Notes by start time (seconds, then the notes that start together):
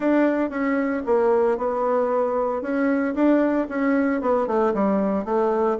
0.00 D4
0.50 C#4
1.06 A#3
1.57 B3
2.61 C#4
3.15 D4
3.68 C#4
4.21 B3
4.47 A3
4.74 G3
5.24 A3